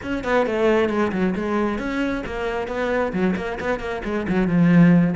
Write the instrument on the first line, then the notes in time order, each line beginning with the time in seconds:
cello
0.02 C#4
0.23 B3
0.46 A3
0.89 G#3
1.12 F#3
1.35 G#3
1.78 C#4
2.26 A#3
2.67 B3
3.12 F#3
3.36 A#3
3.59 B3
3.79 A#3
4.04 G#3
4.28 F#3
4.47 F3